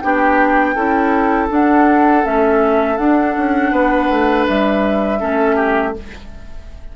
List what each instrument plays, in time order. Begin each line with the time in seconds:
0.00 bassoon B3, clarinet D4, oboe G4, flute G5
0.74 bassoon C#4, clarinet E4, oboe A4
1.49 clarinet D4, bassoon D4, flute F#5
2.23 bassoon A3, clarinet C#4, flute E5
2.97 bassoon D4, clarinet D4, flute F#5
3.37 bassoon C#4
3.71 bassoon B3, oboe B4
4.09 bassoon A3
4.48 bassoon G3, flute E5
5.19 bassoon A3, clarinet C#4, oboe A4
5.55 oboe G4